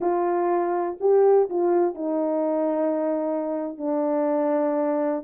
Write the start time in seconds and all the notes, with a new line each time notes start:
0.00 F4
1.00 G4
1.49 F4
1.94 D#4
3.77 D4